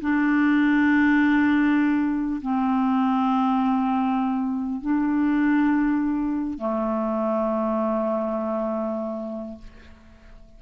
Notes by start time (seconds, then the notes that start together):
0.00 D4
2.41 C4
4.81 D4
6.58 A3